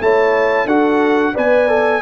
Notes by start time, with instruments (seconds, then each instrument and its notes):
0.00 tuba A3, trombone E4, horn C#5, trumpet A5
0.65 tuba D4, trombone F#4, horn A4, trumpet F#5
1.34 tuba B3, trombone B4, horn D5, trumpet G#5
1.68 trombone A4